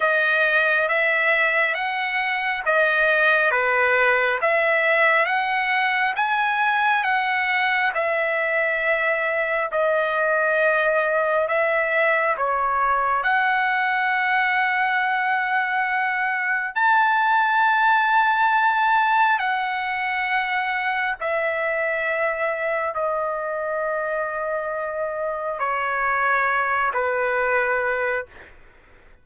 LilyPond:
\new Staff \with { instrumentName = "trumpet" } { \time 4/4 \tempo 4 = 68 dis''4 e''4 fis''4 dis''4 | b'4 e''4 fis''4 gis''4 | fis''4 e''2 dis''4~ | dis''4 e''4 cis''4 fis''4~ |
fis''2. a''4~ | a''2 fis''2 | e''2 dis''2~ | dis''4 cis''4. b'4. | }